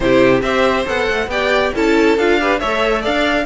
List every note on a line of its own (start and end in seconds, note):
0.00 0.41 C3
0.00 0.44 E4
0.00 0.43 G4
0.00 0.41 C5
0.41 0.85 C4
0.41 0.86 G4
0.41 1.30 C5
0.41 0.85 E5
0.86 1.08 B3
0.86 1.29 A4
0.86 1.29 F#5
1.10 1.27 A3
1.27 1.70 B3
1.27 1.74 G4
1.27 1.73 D5
1.27 1.73 G5
1.74 2.17 C#4
1.74 2.18 E4
1.74 2.39 A4
1.74 2.18 A5
2.17 2.61 D4
2.17 2.40 F4
2.17 2.59 F5
2.40 2.58 G4
2.40 2.59 B4
2.58 3.06 A3
2.58 3.45 A4
2.58 3.01 C#5
2.58 3.02 E5
3.01 3.45 D4
3.01 3.45 D5
3.01 3.45 F5